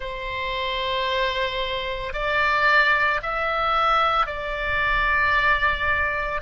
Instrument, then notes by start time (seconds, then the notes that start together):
oboe
0.00 C5
2.13 D5
3.22 E5
4.26 D5